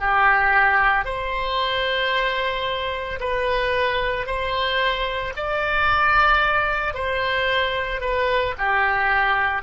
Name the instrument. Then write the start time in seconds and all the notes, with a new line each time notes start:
oboe
0.00 G4
1.06 C5
3.20 B4
4.27 C5
5.37 D5
6.94 C5
8.01 B4
8.59 G4